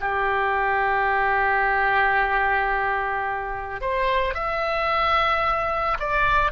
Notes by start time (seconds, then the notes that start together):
0.00 G4
3.81 C5
4.34 E5
5.99 D5